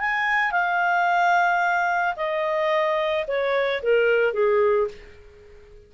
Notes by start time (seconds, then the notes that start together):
0.00 G#5
0.52 F5
2.17 D#5
3.28 C#5
3.83 A#4
4.34 G#4